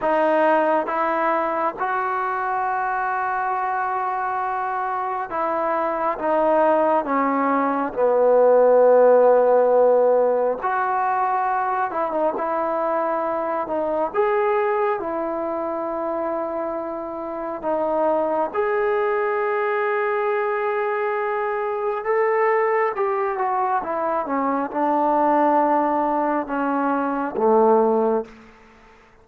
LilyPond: \new Staff \with { instrumentName = "trombone" } { \time 4/4 \tempo 4 = 68 dis'4 e'4 fis'2~ | fis'2 e'4 dis'4 | cis'4 b2. | fis'4. e'16 dis'16 e'4. dis'8 |
gis'4 e'2. | dis'4 gis'2.~ | gis'4 a'4 g'8 fis'8 e'8 cis'8 | d'2 cis'4 a4 | }